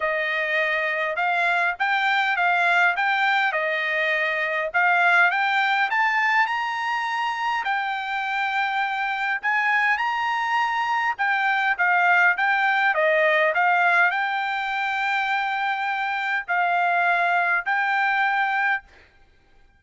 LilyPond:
\new Staff \with { instrumentName = "trumpet" } { \time 4/4 \tempo 4 = 102 dis''2 f''4 g''4 | f''4 g''4 dis''2 | f''4 g''4 a''4 ais''4~ | ais''4 g''2. |
gis''4 ais''2 g''4 | f''4 g''4 dis''4 f''4 | g''1 | f''2 g''2 | }